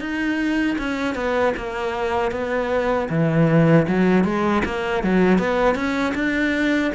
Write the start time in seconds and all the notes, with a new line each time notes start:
0.00 D#4
0.78 C#4
1.15 B3
1.57 A#3
2.31 B3
3.09 E3
3.87 F#3
4.24 G#3
4.65 A#3
5.03 F#3
5.38 B3
5.75 C#4
6.14 D4